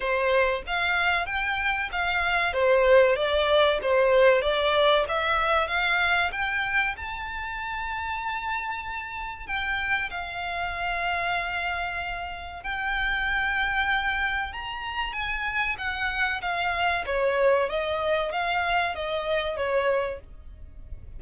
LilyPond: \new Staff \with { instrumentName = "violin" } { \time 4/4 \tempo 4 = 95 c''4 f''4 g''4 f''4 | c''4 d''4 c''4 d''4 | e''4 f''4 g''4 a''4~ | a''2. g''4 |
f''1 | g''2. ais''4 | gis''4 fis''4 f''4 cis''4 | dis''4 f''4 dis''4 cis''4 | }